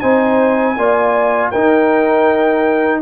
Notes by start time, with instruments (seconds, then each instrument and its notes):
0.00 tuba C4, trombone D#4, horn C5, trumpet G#5
0.77 tuba A#3, trombone F4, horn D5
1.51 trombone D#4, tuba D#4, horn A#4, trumpet G5